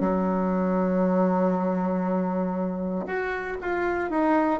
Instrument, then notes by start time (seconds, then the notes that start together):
bassoon
0.00 F#3
3.06 F#4
3.61 F4
4.10 D#4